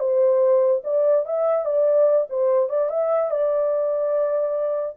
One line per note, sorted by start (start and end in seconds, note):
0.00 0.83 C5
0.84 1.26 D5
1.26 1.65 E5
1.65 2.27 D5
2.30 2.69 C5
2.69 2.90 D5
2.90 3.31 E5
3.31 4.97 D5